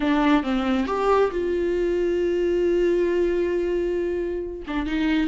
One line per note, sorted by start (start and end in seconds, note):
0.00 0.43 D4
0.43 0.86 C4
0.86 1.30 G4
1.31 4.62 F4
4.67 4.86 D4
4.86 5.27 D#4